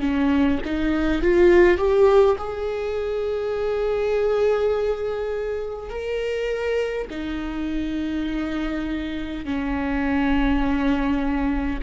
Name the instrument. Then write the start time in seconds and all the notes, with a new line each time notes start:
viola
0.00 C#4
0.65 D#4
1.22 F4
1.78 G4
2.38 G#4
5.90 A#4
7.10 D#4
9.44 C#4